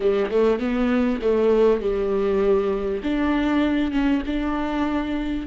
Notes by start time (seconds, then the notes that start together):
0.00 G3
0.30 A3
0.59 B3
1.21 A3
1.80 G3
3.03 D4
3.91 C#4
4.26 D4